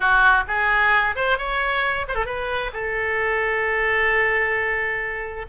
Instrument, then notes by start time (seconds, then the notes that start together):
oboe
0.00 F#4
0.47 G#4
1.15 C5
1.38 C#5
2.08 C5
2.14 A4
2.25 B4
2.73 A4